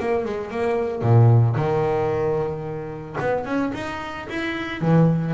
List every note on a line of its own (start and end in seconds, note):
0.00 0.25 A#3
0.25 0.51 G#3
0.51 1.03 A#3
1.03 1.56 A#2
1.56 3.17 D#3
3.20 3.46 B3
3.46 3.73 C#4
3.75 4.28 D#4
4.30 4.81 E4
4.81 5.34 E3